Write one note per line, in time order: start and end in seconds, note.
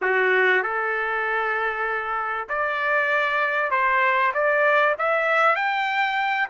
0.01 0.62 F#4
0.62 2.48 A4
2.48 3.70 D5
3.70 4.32 C5
4.34 4.95 D5
4.98 5.55 E5
5.55 6.48 G5